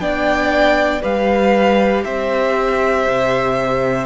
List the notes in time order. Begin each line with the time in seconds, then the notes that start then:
0.00 B3 D4 D5 G5
1.02 G3 G4 B4 F5
2.05 C4 C5 E5
3.08 C3